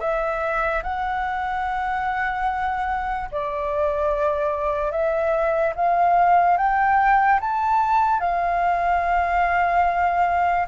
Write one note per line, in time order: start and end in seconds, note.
0.00 0.82 E5
0.83 3.30 F#5
3.31 4.91 D5
4.91 5.73 E5
5.75 6.57 F5
6.57 7.39 G5
7.40 8.20 A5
8.20 10.67 F5